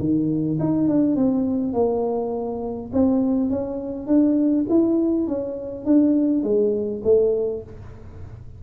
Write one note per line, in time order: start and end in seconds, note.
0.00 0.59 D#3
0.60 0.89 D#4
0.89 1.16 D4
1.16 1.74 C4
1.74 2.91 A#3
2.93 3.50 C4
3.50 4.07 C#4
4.07 4.66 D4
4.70 5.28 E4
5.28 5.86 C#4
5.86 6.44 D4
6.44 7.02 G#3
7.04 7.63 A3